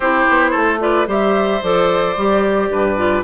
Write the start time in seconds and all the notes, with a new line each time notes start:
0.00 C4 E4 G4 C5
0.28 B3
0.50 A3 A4
0.79 F4 B4 D5
1.07 G3 G4 C5 E5
1.62 F3 A4 D5
2.17 G3 G4
2.70 G2 B4
2.96 F4